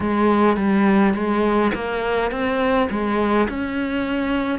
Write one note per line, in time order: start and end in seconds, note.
0.00 0.56 G#3
0.56 1.13 G3
1.13 1.71 G#3
1.74 2.31 A#3
2.31 2.88 C4
2.90 3.48 G#3
3.48 4.59 C#4